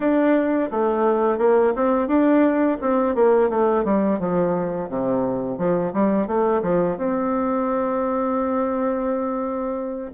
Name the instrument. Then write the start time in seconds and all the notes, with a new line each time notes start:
bassoon
0.00 D4
0.71 A3
1.38 A#3
1.75 C4
2.07 D4
2.81 C4
3.15 A#3
3.49 A3
3.84 G3
4.19 F3
4.89 C3
5.58 F3
5.93 G3
6.27 A3
6.62 F3
6.97 C4